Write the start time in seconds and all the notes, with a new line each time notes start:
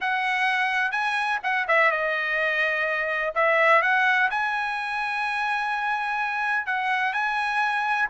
0.00 F#5
0.91 G#5
1.43 F#5
1.68 E5
1.91 D#5
3.34 E5
3.82 F#5
4.30 G#5
6.66 F#5
7.13 G#5